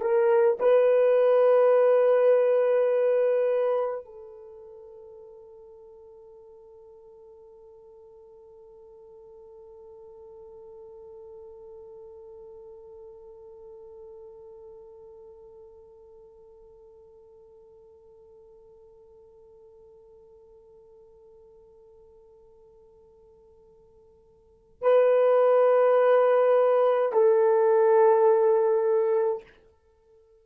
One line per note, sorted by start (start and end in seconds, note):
0.00 0.58 A#4
0.59 4.05 B4
4.05 24.82 A4
24.82 27.12 B4
27.12 29.43 A4